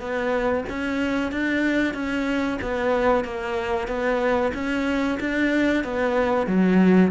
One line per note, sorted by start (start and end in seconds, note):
0.00 0.65 B3
0.69 1.32 C#4
1.32 1.94 D4
1.94 2.58 C#4
2.62 3.25 B3
3.25 3.88 A#3
3.88 4.52 B3
4.54 5.18 C#4
5.20 5.84 D4
5.84 6.47 B3
6.47 7.11 F#3